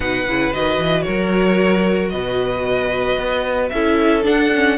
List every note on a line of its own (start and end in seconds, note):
0.00 0.26 B2
0.00 0.26 D#4
0.00 1.04 B4
0.00 0.53 F#5
0.27 0.53 C#3
0.27 0.53 E4
0.53 0.78 D#3
0.53 3.72 F#4
0.53 1.02 D#5
0.78 1.05 E3
1.02 2.11 A#4
1.02 2.08 C#5
1.08 2.13 F#3
2.09 3.18 B2
2.09 3.71 B4
2.09 3.68 D#5
3.18 3.71 B3
3.69 4.25 C#4
3.69 4.23 E4
3.69 4.78 A4
3.69 4.22 E5
4.23 4.49 D4
4.23 4.78 D4
4.23 4.78 F#5
4.54 4.78 C#4